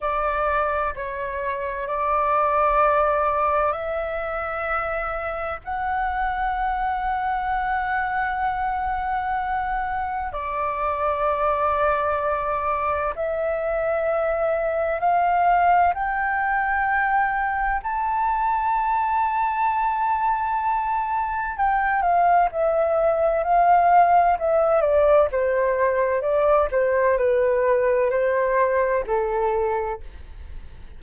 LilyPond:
\new Staff \with { instrumentName = "flute" } { \time 4/4 \tempo 4 = 64 d''4 cis''4 d''2 | e''2 fis''2~ | fis''2. d''4~ | d''2 e''2 |
f''4 g''2 a''4~ | a''2. g''8 f''8 | e''4 f''4 e''8 d''8 c''4 | d''8 c''8 b'4 c''4 a'4 | }